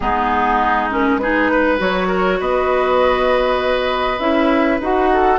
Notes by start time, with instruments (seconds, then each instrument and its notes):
0.00 bassoon G#3, clarinet B3, oboe D#4, flute G#4
0.90 clarinet C#4, flute A#4
1.18 clarinet D#4, oboe G#4, flute B4
1.51 oboe B4
1.78 bassoon F#3, clarinet F#4, flute C#5
2.07 oboe A#4
2.39 bassoon B3, oboe B4, flute D#5
4.19 bassoon C#4, clarinet E4, flute E5
4.80 bassoon D#4, clarinet F#4, flute F#5
5.12 oboe A4